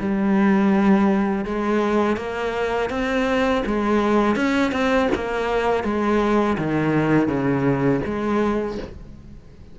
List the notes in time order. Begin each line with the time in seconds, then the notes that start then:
0.00 G3
1.46 G#3
2.17 A#3
2.90 C4
3.67 G#3
4.36 C#4
4.73 C4
5.15 A#3
5.84 G#3
6.58 D#3
7.28 C#3
8.06 G#3